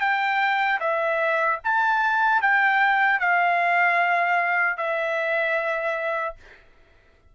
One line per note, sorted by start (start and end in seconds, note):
0.00 0.79 G5
0.80 1.59 E5
1.64 2.42 A5
2.42 3.19 G5
3.19 4.77 F5
4.77 6.35 E5